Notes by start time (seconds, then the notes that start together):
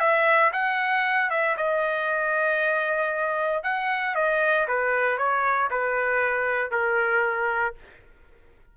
0.00 E5
0.53 F#5
1.30 E5
1.57 D#5
3.63 F#5
4.15 D#5
4.68 B4
5.18 C#5
5.71 B4
6.71 A#4